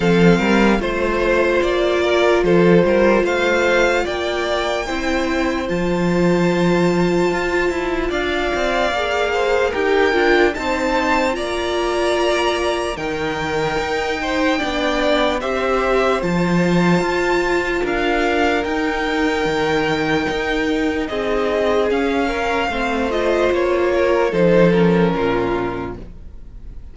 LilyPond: <<
  \new Staff \with { instrumentName = "violin" } { \time 4/4 \tempo 4 = 74 f''4 c''4 d''4 c''4 | f''4 g''2 a''4~ | a''2 f''2 | g''4 a''4 ais''2 |
g''2. e''4 | a''2 f''4 g''4~ | g''2 dis''4 f''4~ | f''8 dis''8 cis''4 c''8 ais'4. | }
  \new Staff \with { instrumentName = "violin" } { \time 4/4 a'8 ais'8 c''4. ais'8 a'8 ais'8 | c''4 d''4 c''2~ | c''2 d''4. c''8 | ais'4 c''4 d''2 |
ais'4. c''8 d''4 c''4~ | c''2 ais'2~ | ais'2 gis'4. ais'8 | c''4. ais'8 a'4 f'4 | }
  \new Staff \with { instrumentName = "viola" } { \time 4/4 c'4 f'2.~ | f'2 e'4 f'4~ | f'2. gis'4 | g'8 f'8 dis'4 f'2 |
dis'2 d'4 g'4 | f'2. dis'4~ | dis'2. cis'4 | c'8 f'4. dis'8 cis'4. | }
  \new Staff \with { instrumentName = "cello" } { \time 4/4 f8 g8 a4 ais4 f8 g8 | a4 ais4 c'4 f4~ | f4 f'8 e'8 d'8 c'8 ais4 | dis'8 d'8 c'4 ais2 |
dis4 dis'4 b4 c'4 | f4 f'4 d'4 dis'4 | dis4 dis'4 c'4 cis'4 | a4 ais4 f4 ais,4 | }
>>